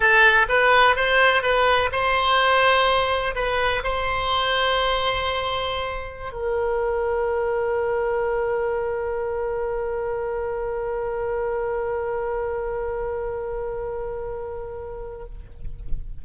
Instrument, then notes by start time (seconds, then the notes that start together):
oboe
0.00 A4
0.48 B4
0.96 C5
1.42 B4
1.92 C5
3.35 B4
3.83 C5
6.32 A#4